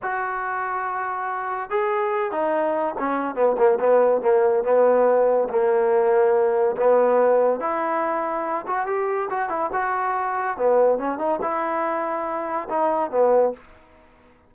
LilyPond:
\new Staff \with { instrumentName = "trombone" } { \time 4/4 \tempo 4 = 142 fis'1 | gis'4. dis'4. cis'4 | b8 ais8 b4 ais4 b4~ | b4 ais2. |
b2 e'2~ | e'8 fis'8 g'4 fis'8 e'8 fis'4~ | fis'4 b4 cis'8 dis'8 e'4~ | e'2 dis'4 b4 | }